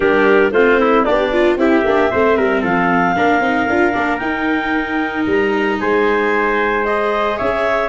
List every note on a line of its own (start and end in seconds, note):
0.00 0.51 G3
0.00 0.52 D4
0.00 0.52 G4
0.00 0.51 A#4
0.51 1.04 A3
0.51 1.06 C4
0.51 0.80 F4
0.51 1.03 C5
0.80 1.05 E4
1.03 1.56 B3
1.03 1.57 D4
1.03 1.55 D5
1.09 1.32 G4
1.32 1.58 F4
1.56 1.82 C4
1.56 1.85 E4
1.56 2.11 G4
1.56 2.63 E5
1.84 2.10 A#3
1.84 2.11 D4
2.11 2.37 A3
2.11 3.15 C4
2.11 2.37 C5
2.37 2.62 G3
2.37 2.61 A#4
2.61 3.15 F3
2.61 3.14 A4
2.61 4.18 F5
3.15 3.40 A#3
3.15 3.41 D4
3.15 5.80 A#4
3.40 3.66 C4
3.40 3.68 D#4
3.69 3.95 D4
3.69 3.93 F4
3.93 4.21 A#3
3.93 4.19 D4
4.18 6.83 D#4
4.18 5.26 D#4
4.18 5.23 G5
5.26 5.79 G3
5.26 5.80 A#5
5.80 7.38 G#3
5.80 7.37 C5
5.80 6.85 G#5
6.85 7.88 G#4
6.85 7.37 D#5
7.37 7.88 C#4
7.37 7.88 C#5
7.37 7.88 E5